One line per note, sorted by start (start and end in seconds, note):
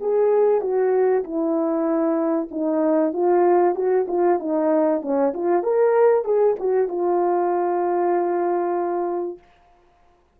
0.00 0.61 G#4
0.61 1.23 F#4
1.24 2.49 E4
2.51 3.13 D#4
3.13 3.75 F4
3.75 4.06 F#4
4.08 4.39 F4
4.39 5.01 D#4
5.01 5.33 C#4
5.34 5.63 F4
5.63 6.24 A#4
6.24 6.56 G#4
6.59 6.88 F#4
6.88 9.38 F4